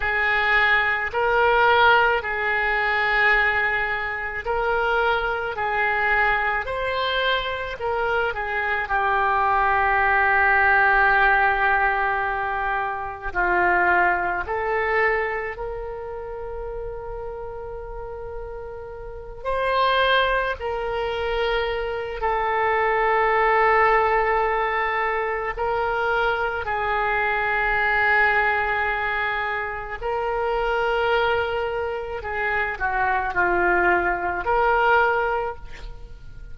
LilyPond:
\new Staff \with { instrumentName = "oboe" } { \time 4/4 \tempo 4 = 54 gis'4 ais'4 gis'2 | ais'4 gis'4 c''4 ais'8 gis'8 | g'1 | f'4 a'4 ais'2~ |
ais'4. c''4 ais'4. | a'2. ais'4 | gis'2. ais'4~ | ais'4 gis'8 fis'8 f'4 ais'4 | }